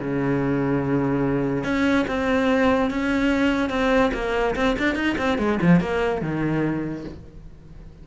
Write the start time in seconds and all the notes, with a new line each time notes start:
0.00 C#3
1.65 C#4
2.08 C4
2.91 C#4
3.70 C4
4.14 A#3
4.56 C4
4.79 D4
4.96 D#4
5.18 C4
5.39 G#3
5.62 F3
5.81 A#3
6.22 D#3